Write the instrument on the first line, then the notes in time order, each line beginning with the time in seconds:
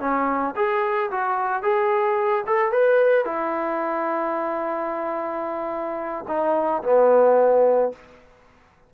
trombone
0.00 C#4
0.56 G#4
1.11 F#4
1.62 G#4
2.47 A4
2.72 B4
3.25 E4
6.28 D#4
6.83 B3